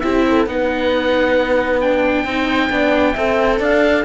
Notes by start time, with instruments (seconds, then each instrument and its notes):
0.00 cello C4, viola E4, horn G4, oboe E5
0.29 horn A4
0.47 cello B3, viola D#4, horn B4, oboe F#5
1.81 viola D4, oboe G5
2.25 cello C4, viola D#4, horn C5
2.70 cello B3, viola D4, horn D5
3.13 cello C4, viola A4, horn E5
3.59 cello D4, horn D5, oboe F5